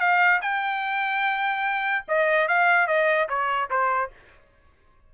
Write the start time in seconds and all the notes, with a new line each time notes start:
0.00 F5
0.42 G5
2.09 D#5
2.48 F5
2.88 D#5
3.29 C#5
3.71 C5